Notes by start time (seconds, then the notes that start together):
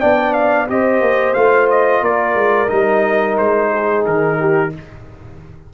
0.00 B3 D4 D5 G5
0.33 F5
0.68 C4 G4 C5 D#5
1.00 A#3
1.34 A3 F4 F5
1.70 D#5
2.01 A#3 A#4 D5
2.35 G#3
2.68 G3 D#4 D#5
3.37 G#3 C5
3.72 G#4
4.05 D#3 A#4
4.40 G4